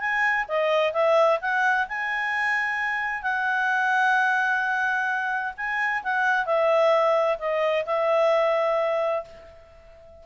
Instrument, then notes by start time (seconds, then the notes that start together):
clarinet
0.00 G#5
0.48 D#5
0.93 E5
1.41 F#5
1.88 G#5
3.23 F#5
5.57 G#5
6.04 F#5
6.46 E5
7.39 D#5
7.86 E5